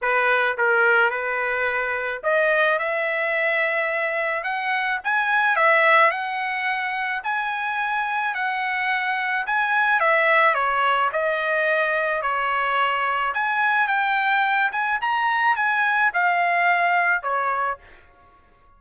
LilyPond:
\new Staff \with { instrumentName = "trumpet" } { \time 4/4 \tempo 4 = 108 b'4 ais'4 b'2 | dis''4 e''2. | fis''4 gis''4 e''4 fis''4~ | fis''4 gis''2 fis''4~ |
fis''4 gis''4 e''4 cis''4 | dis''2 cis''2 | gis''4 g''4. gis''8 ais''4 | gis''4 f''2 cis''4 | }